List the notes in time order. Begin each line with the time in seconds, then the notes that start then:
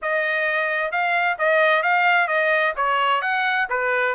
0.02 D#5
0.91 F5
1.38 D#5
1.82 F5
2.27 D#5
2.76 C#5
3.21 F#5
3.69 B4